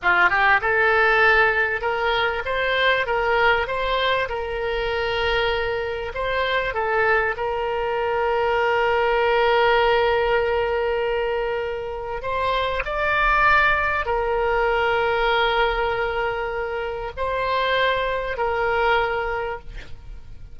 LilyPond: \new Staff \with { instrumentName = "oboe" } { \time 4/4 \tempo 4 = 98 f'8 g'8 a'2 ais'4 | c''4 ais'4 c''4 ais'4~ | ais'2 c''4 a'4 | ais'1~ |
ais'1 | c''4 d''2 ais'4~ | ais'1 | c''2 ais'2 | }